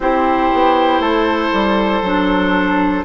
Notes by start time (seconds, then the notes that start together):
0.00 C4 E4 G4 C5
0.53 B3
0.99 A3 A4
1.53 G3
2.02 F#3 D4